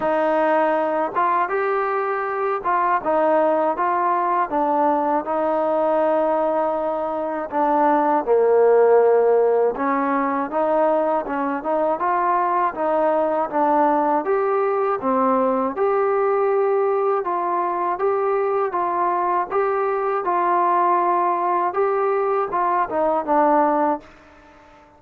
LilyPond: \new Staff \with { instrumentName = "trombone" } { \time 4/4 \tempo 4 = 80 dis'4. f'8 g'4. f'8 | dis'4 f'4 d'4 dis'4~ | dis'2 d'4 ais4~ | ais4 cis'4 dis'4 cis'8 dis'8 |
f'4 dis'4 d'4 g'4 | c'4 g'2 f'4 | g'4 f'4 g'4 f'4~ | f'4 g'4 f'8 dis'8 d'4 | }